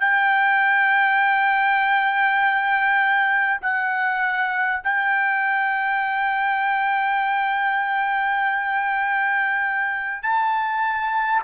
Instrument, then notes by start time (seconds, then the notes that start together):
trumpet
0.00 G5
3.61 F#5
4.83 G5
10.22 A5